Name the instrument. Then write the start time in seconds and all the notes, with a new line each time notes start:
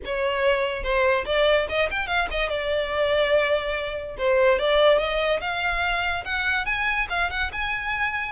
violin
0.05 C#5
0.83 C5
1.25 D5
1.68 D#5
1.90 G5
2.07 F5
2.30 D#5
2.49 D5
4.17 C5
4.59 D5
4.98 D#5
5.40 F5
6.24 F#5
6.65 G#5
7.09 F5
7.30 F#5
7.52 G#5